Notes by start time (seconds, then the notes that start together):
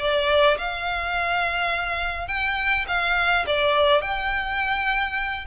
0.00 D5
0.58 F5
2.28 G5
2.88 F5
3.47 D5
4.02 G5